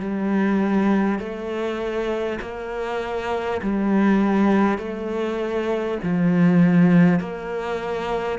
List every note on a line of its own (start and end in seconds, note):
0.00 1.19 G3
1.19 2.39 A3
2.42 3.62 A#3
3.62 4.78 G3
4.78 5.98 A3
6.03 7.20 F3
7.20 8.39 A#3